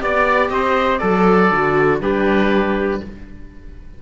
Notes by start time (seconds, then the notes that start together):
0.00 B3 G4 D5
0.49 C4 C5 D#5
0.98 F#3 A4 D5
1.50 D3 F#4
2.00 G3 D4 G4 B4